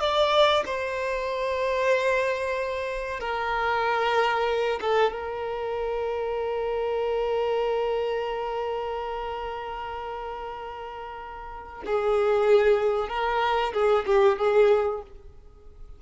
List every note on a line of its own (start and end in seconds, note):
0.00 0.64 D5
0.66 3.20 C5
3.20 4.80 A#4
4.81 5.13 A4
5.13 11.83 A#4
11.86 13.09 G#4
13.09 13.73 A#4
13.73 14.05 G#4
14.06 14.38 G4
14.38 15.02 G#4